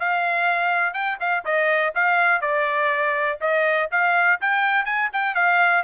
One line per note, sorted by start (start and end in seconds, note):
0.00 0.94 F5
0.94 1.18 G5
1.20 1.44 F5
1.45 1.94 D#5
1.95 2.41 F5
2.41 3.39 D5
3.41 3.90 D#5
3.91 4.40 F5
4.41 4.85 G5
4.85 5.10 G#5
5.13 5.35 G5
5.35 5.84 F5